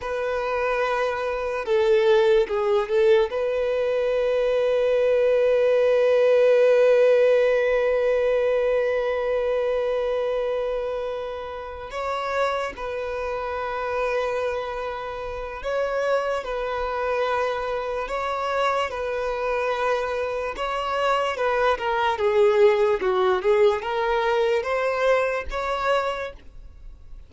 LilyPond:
\new Staff \with { instrumentName = "violin" } { \time 4/4 \tempo 4 = 73 b'2 a'4 gis'8 a'8 | b'1~ | b'1~ | b'2~ b'8 cis''4 b'8~ |
b'2. cis''4 | b'2 cis''4 b'4~ | b'4 cis''4 b'8 ais'8 gis'4 | fis'8 gis'8 ais'4 c''4 cis''4 | }